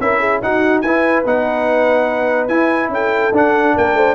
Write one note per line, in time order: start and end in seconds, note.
0.00 0.42 C#4
0.00 0.43 E4
0.00 0.20 A#4
0.00 0.42 E5
0.20 0.41 G#4
0.42 0.83 D#4
0.42 0.84 D#4
0.42 0.84 F#4
0.42 0.81 F#5
0.81 1.24 E4
0.81 1.26 E4
0.81 2.92 B4
0.81 1.23 G#5
1.25 2.48 B3
1.25 2.49 D#4
1.25 2.48 F#5
2.48 2.89 E4
2.48 3.33 E4
2.48 2.89 G#5
2.89 3.30 C#4
2.89 3.75 A4
2.89 3.35 G5
3.32 3.74 D4
3.32 4.15 D4
3.32 3.78 F#5
3.75 3.94 A#3
3.75 3.96 A#4
3.75 4.15 G5
3.94 4.14 A3
3.94 4.15 C5